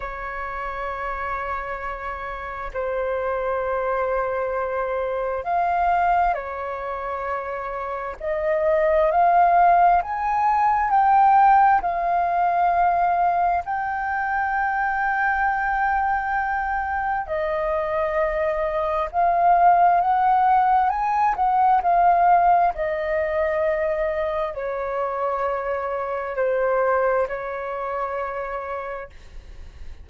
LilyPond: \new Staff \with { instrumentName = "flute" } { \time 4/4 \tempo 4 = 66 cis''2. c''4~ | c''2 f''4 cis''4~ | cis''4 dis''4 f''4 gis''4 | g''4 f''2 g''4~ |
g''2. dis''4~ | dis''4 f''4 fis''4 gis''8 fis''8 | f''4 dis''2 cis''4~ | cis''4 c''4 cis''2 | }